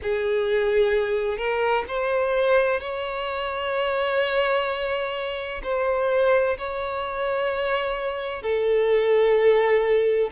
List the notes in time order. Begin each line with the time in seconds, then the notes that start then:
0.02 G#4
1.37 A#4
1.87 C5
2.80 C#5
5.63 C5
6.58 C#5
8.42 A4